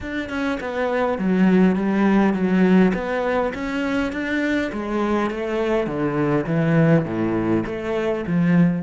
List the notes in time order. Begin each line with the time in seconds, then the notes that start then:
0.00 D4
0.29 C#4
0.60 B3
1.18 F#3
1.75 G3
2.33 F#3
2.94 B3
3.53 C#4
4.12 D4
4.72 G#3
5.30 A3
5.87 D3
6.46 E3
7.05 A2
7.66 A3
8.26 F3